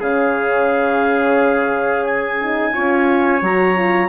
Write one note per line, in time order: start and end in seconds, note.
0.00 2.73 C#3
0.00 2.41 C#4
0.00 2.73 G#4
0.00 2.05 F5
2.05 3.41 G#5
2.41 2.73 D#4
2.73 3.42 C#4
2.73 3.42 F4
2.73 4.09 C#5
3.42 4.09 F#3
3.42 3.76 F#4
3.42 4.09 A#5
3.76 4.09 F4